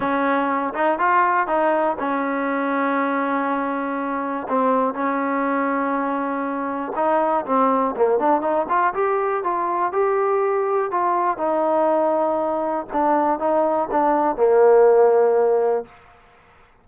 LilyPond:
\new Staff \with { instrumentName = "trombone" } { \time 4/4 \tempo 4 = 121 cis'4. dis'8 f'4 dis'4 | cis'1~ | cis'4 c'4 cis'2~ | cis'2 dis'4 c'4 |
ais8 d'8 dis'8 f'8 g'4 f'4 | g'2 f'4 dis'4~ | dis'2 d'4 dis'4 | d'4 ais2. | }